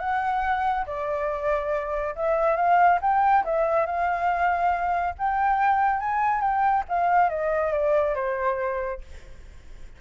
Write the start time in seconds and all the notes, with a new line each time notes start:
0.00 F#5
0.87 D5
2.16 E5
2.57 F5
3.02 G5
3.45 E5
3.87 F5
5.19 G5
6.00 G#5
6.42 G5
6.89 F5
7.30 D#5
7.73 D5
8.16 C5